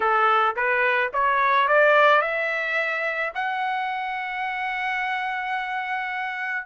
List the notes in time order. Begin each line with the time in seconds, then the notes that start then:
0.00 A4
0.56 B4
1.13 C#5
1.68 D5
2.21 E5
3.34 F#5